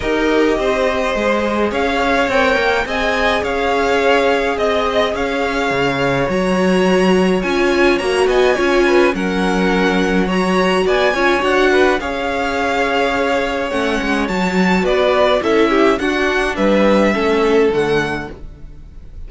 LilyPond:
<<
  \new Staff \with { instrumentName = "violin" } { \time 4/4 \tempo 4 = 105 dis''2. f''4 | g''4 gis''4 f''2 | dis''4 f''2 ais''4~ | ais''4 gis''4 ais''8 gis''4. |
fis''2 ais''4 gis''4 | fis''4 f''2. | fis''4 a''4 d''4 e''4 | fis''4 e''2 fis''4 | }
  \new Staff \with { instrumentName = "violin" } { \time 4/4 ais'4 c''2 cis''4~ | cis''4 dis''4 cis''2 | dis''4 cis''2.~ | cis''2~ cis''8 dis''8 cis''8 b'8 |
ais'2 cis''4 d''8 cis''8~ | cis''8 b'8 cis''2.~ | cis''2 b'4 a'8 g'8 | fis'4 b'4 a'2 | }
  \new Staff \with { instrumentName = "viola" } { \time 4/4 g'2 gis'2 | ais'4 gis'2.~ | gis'2. fis'4~ | fis'4 f'4 fis'4 f'4 |
cis'2 fis'4. f'8 | fis'4 gis'2. | cis'4 fis'2 e'4 | d'2 cis'4 a4 | }
  \new Staff \with { instrumentName = "cello" } { \time 4/4 dis'4 c'4 gis4 cis'4 | c'8 ais8 c'4 cis'2 | c'4 cis'4 cis4 fis4~ | fis4 cis'4 ais8 b8 cis'4 |
fis2. b8 cis'8 | d'4 cis'2. | a8 gis8 fis4 b4 cis'4 | d'4 g4 a4 d4 | }
>>